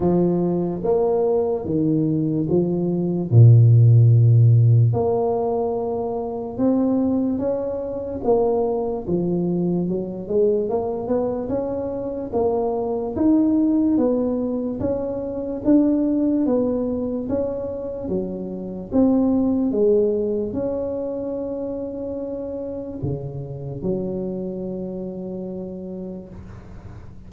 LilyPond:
\new Staff \with { instrumentName = "tuba" } { \time 4/4 \tempo 4 = 73 f4 ais4 dis4 f4 | ais,2 ais2 | c'4 cis'4 ais4 f4 | fis8 gis8 ais8 b8 cis'4 ais4 |
dis'4 b4 cis'4 d'4 | b4 cis'4 fis4 c'4 | gis4 cis'2. | cis4 fis2. | }